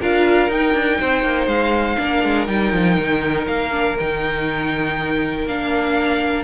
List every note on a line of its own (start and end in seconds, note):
0.00 0.49 D4
0.00 0.50 F4
0.00 0.99 A#4
0.00 0.51 F5
0.49 0.73 D#4
0.49 1.97 D#4
0.49 1.48 G5
0.73 0.98 D4
0.99 1.23 C4
0.99 1.99 C5
1.23 1.46 A#3
1.46 1.96 G#3
1.46 2.46 F5
1.97 2.23 A#3
1.97 2.46 D4
1.97 6.43 A#4
2.23 2.48 G#3
2.46 2.72 G3
2.46 3.70 D#4
2.46 3.46 G5
2.72 2.97 F3
2.98 3.47 D#3
3.47 3.97 A#3
3.47 3.96 F5
3.71 3.96 D4
3.99 5.46 D#3
3.99 5.47 D#4
3.99 5.47 G5
5.46 6.43 A#3
5.46 6.43 D4
5.46 6.43 F5